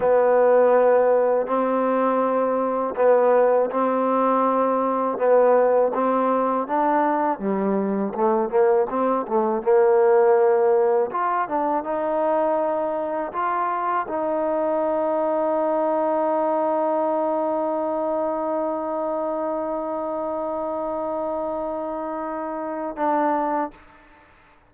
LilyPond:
\new Staff \with { instrumentName = "trombone" } { \time 4/4 \tempo 4 = 81 b2 c'2 | b4 c'2 b4 | c'4 d'4 g4 a8 ais8 | c'8 a8 ais2 f'8 d'8 |
dis'2 f'4 dis'4~ | dis'1~ | dis'1~ | dis'2. d'4 | }